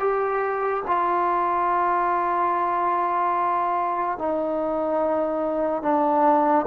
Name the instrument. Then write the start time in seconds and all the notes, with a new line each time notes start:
trombone
0.00 G4
0.87 F4
4.19 D#4
5.83 D4